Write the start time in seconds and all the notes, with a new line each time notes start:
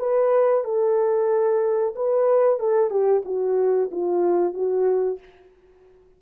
0.00 B4
0.65 A4
1.96 B4
2.60 A4
2.91 G4
3.25 F#4
3.92 F4
4.54 F#4